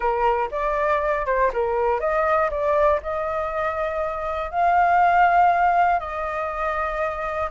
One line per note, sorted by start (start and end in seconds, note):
0.00 0.49 A#4
0.51 1.26 D5
1.26 1.51 C5
1.52 2.00 A#4
2.00 2.50 D#5
2.50 3.00 D5
3.02 4.50 D#5
4.50 5.99 F5
5.99 7.49 D#5